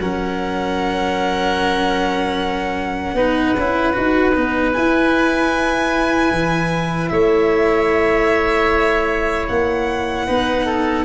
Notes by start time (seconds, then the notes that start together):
0.00 F#3 C#4 A#4 F#5
3.14 B3 D#4 B4
3.57 C#4 E4
3.93 D#4 F#4
4.35 B3 D#4
4.73 E4 G#5
6.32 E3
7.09 A3 C#5 E5
9.49 A#3 F#5
10.27 B3 D#4 B4
10.66 A4